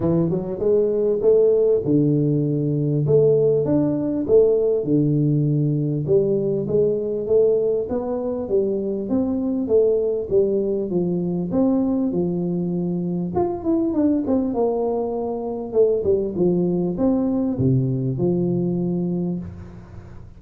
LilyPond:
\new Staff \with { instrumentName = "tuba" } { \time 4/4 \tempo 4 = 99 e8 fis8 gis4 a4 d4~ | d4 a4 d'4 a4 | d2 g4 gis4 | a4 b4 g4 c'4 |
a4 g4 f4 c'4 | f2 f'8 e'8 d'8 c'8 | ais2 a8 g8 f4 | c'4 c4 f2 | }